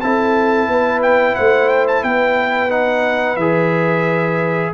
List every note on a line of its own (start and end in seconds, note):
0.00 0.67 C4
0.00 2.69 E4
0.00 0.69 A4
0.00 1.01 A5
0.67 1.35 B3
0.67 1.36 B4
1.02 1.35 G5
1.35 2.03 A3
1.35 2.02 C5
1.35 1.68 F#5
1.68 1.85 G5
1.87 2.03 A5
2.02 3.36 B3
2.02 4.72 B4
2.02 2.70 G5
2.69 3.37 D#4
2.69 3.36 F#5
3.36 4.71 E3
3.36 4.73 G#4
3.36 4.71 E5